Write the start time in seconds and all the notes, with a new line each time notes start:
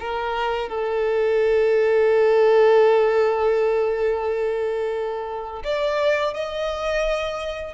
0.00 A#4
0.69 A4
5.64 D5
6.34 D#5